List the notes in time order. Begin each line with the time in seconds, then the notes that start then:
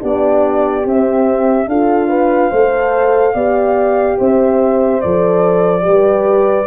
0.00 B3 D4 G4 D5
0.84 C4 E5
1.67 D4 F4 A4 F5
2.08 B4
2.50 A3 A4 C5
3.34 B3 G4 D5
4.18 C4 C5 E5
5.01 F3 A4 D5
5.81 G3 G4 B4